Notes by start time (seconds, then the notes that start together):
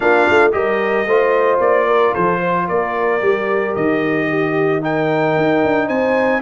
0.00 A#3 D4 F4 F5
0.29 A3
0.51 G3 G4 A#4 D#5
1.05 A3 F4 C5
1.60 A#3 D5
1.86 A#4
2.13 F3 A4 C5
2.40 C5
2.68 A#3 A#4 D5
3.20 G3 G4
3.75 D#3 D#5
4.28 G4
4.81 D#4 A#4 G5
5.36 D#4
5.64 D4
5.86 C4 C5 G#5